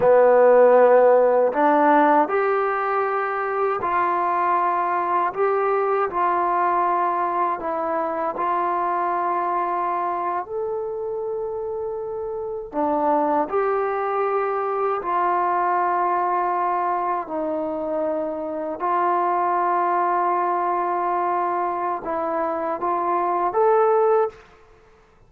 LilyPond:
\new Staff \with { instrumentName = "trombone" } { \time 4/4 \tempo 4 = 79 b2 d'4 g'4~ | g'4 f'2 g'4 | f'2 e'4 f'4~ | f'4.~ f'16 a'2~ a'16~ |
a'8. d'4 g'2 f'16~ | f'2~ f'8. dis'4~ dis'16~ | dis'8. f'2.~ f'16~ | f'4 e'4 f'4 a'4 | }